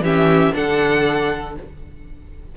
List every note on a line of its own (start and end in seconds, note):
0.00 0.50 E3
0.00 0.52 C#4
0.00 0.53 G4
0.00 0.55 E5
0.52 1.57 D3
0.52 1.53 D4
0.52 1.55 A4
0.52 1.55 F#5